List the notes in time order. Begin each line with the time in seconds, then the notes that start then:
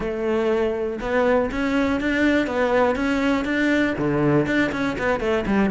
0.00 A3
1.00 B3
1.51 C#4
2.00 D4
2.47 B3
2.95 C#4
3.44 D4
3.97 D3
4.46 D4
4.72 C#4
4.98 B3
5.19 A3
5.46 G3